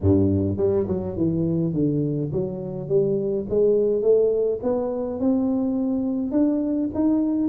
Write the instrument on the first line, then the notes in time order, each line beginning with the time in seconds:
tuba
0.01 G2
0.57 G3
0.87 F#3
1.16 E3
1.73 D3
2.32 F#3
2.88 G3
3.49 G#3
4.01 A3
4.62 B3
5.19 C4
6.31 D4
6.94 D#4